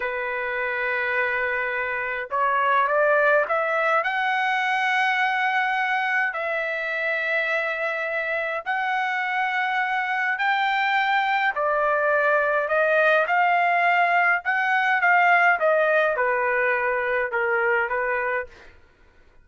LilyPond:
\new Staff \with { instrumentName = "trumpet" } { \time 4/4 \tempo 4 = 104 b'1 | cis''4 d''4 e''4 fis''4~ | fis''2. e''4~ | e''2. fis''4~ |
fis''2 g''2 | d''2 dis''4 f''4~ | f''4 fis''4 f''4 dis''4 | b'2 ais'4 b'4 | }